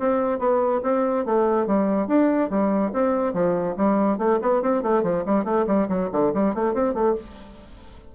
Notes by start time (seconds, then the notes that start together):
0.00 C4
0.39 B3
0.84 C4
1.26 A3
1.67 G3
2.08 D4
2.50 G3
2.93 C4
3.34 F3
3.78 G3
4.19 A3
4.42 B3
4.63 C4
4.83 A3
5.04 F3
5.26 G3
5.45 A3
5.68 G3
5.89 F#3
6.12 D3
6.35 G3
6.55 A3
6.75 C4
6.94 A3